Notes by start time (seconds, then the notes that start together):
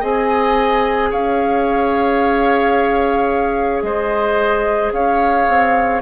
0.00 C4 G#4 D#5 G#5
1.10 C#4 C#5 F5
3.82 G#3 C5 D#5
4.92 C#4 C#5 F5
5.48 C4